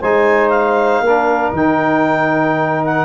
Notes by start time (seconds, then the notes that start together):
0.00 G#3 D#4 C5 G#5
0.49 F5
1.00 A#3 D4 A#4
1.52 D#3 D#4 G5
2.84 F#5